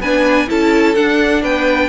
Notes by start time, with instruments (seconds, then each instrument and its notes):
0.00 cello B3, viola D4, violin B4 G#5
0.48 cello C#4, viola E4, violin A4 A5
0.95 cello D4, viola D4, violin F#5
1.42 cello B3, violin B4 G5